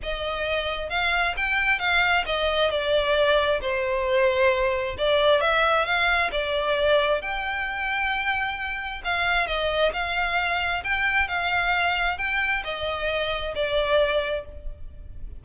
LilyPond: \new Staff \with { instrumentName = "violin" } { \time 4/4 \tempo 4 = 133 dis''2 f''4 g''4 | f''4 dis''4 d''2 | c''2. d''4 | e''4 f''4 d''2 |
g''1 | f''4 dis''4 f''2 | g''4 f''2 g''4 | dis''2 d''2 | }